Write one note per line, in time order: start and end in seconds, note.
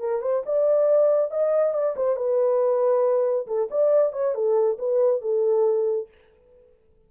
0.00 0.22 A#4
0.22 0.43 C5
0.46 1.31 D5
1.31 1.74 D#5
1.74 1.96 D5
1.97 2.17 C5
2.17 3.47 B4
3.47 3.69 A4
3.71 4.13 D5
4.13 4.35 C#5
4.35 4.78 A4
4.79 5.22 B4
5.22 6.08 A4